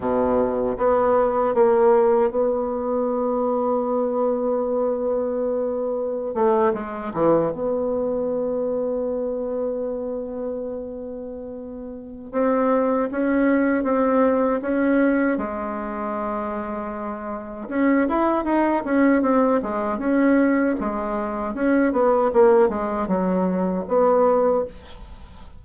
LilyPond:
\new Staff \with { instrumentName = "bassoon" } { \time 4/4 \tempo 4 = 78 b,4 b4 ais4 b4~ | b1~ | b16 a8 gis8 e8 b2~ b16~ | b1 |
c'4 cis'4 c'4 cis'4 | gis2. cis'8 e'8 | dis'8 cis'8 c'8 gis8 cis'4 gis4 | cis'8 b8 ais8 gis8 fis4 b4 | }